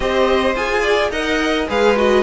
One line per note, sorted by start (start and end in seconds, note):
0.00 0.55 C4
0.00 0.55 G4
0.00 0.82 C5
0.00 0.55 D#5
0.55 1.10 F4
0.55 1.11 G#4
0.55 1.11 G#5
0.82 1.10 D5
1.10 1.66 D#4
1.10 1.67 A#4
1.10 1.68 D#5
1.10 1.67 F#5
1.68 2.23 G#3
1.68 1.96 G#4
1.68 2.23 B4
1.68 1.98 F5
1.96 2.23 F#4
1.96 2.23 D#5